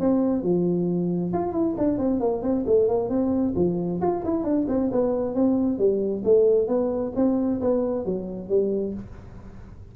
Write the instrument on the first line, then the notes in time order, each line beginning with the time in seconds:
tuba
0.00 C4
0.43 F3
1.33 F4
1.52 E4
1.78 D4
1.98 C4
2.20 A#3
2.42 C4
2.66 A3
2.88 A#3
3.09 C4
3.56 F3
4.01 F4
4.25 E4
4.44 D4
4.68 C4
4.92 B3
5.35 C4
5.78 G3
6.24 A3
6.68 B3
7.15 C4
7.61 B3
8.05 F#3
8.49 G3